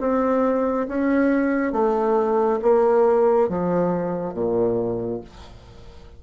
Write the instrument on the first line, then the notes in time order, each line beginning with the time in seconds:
bassoon
0.00 C4
0.88 C#4
1.72 A3
2.62 A#3
3.49 F3
4.34 A#2